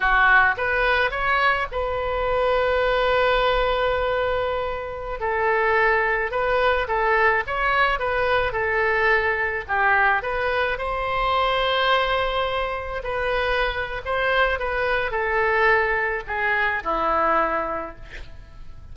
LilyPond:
\new Staff \with { instrumentName = "oboe" } { \time 4/4 \tempo 4 = 107 fis'4 b'4 cis''4 b'4~ | b'1~ | b'4~ b'16 a'2 b'8.~ | b'16 a'4 cis''4 b'4 a'8.~ |
a'4~ a'16 g'4 b'4 c''8.~ | c''2.~ c''16 b'8.~ | b'4 c''4 b'4 a'4~ | a'4 gis'4 e'2 | }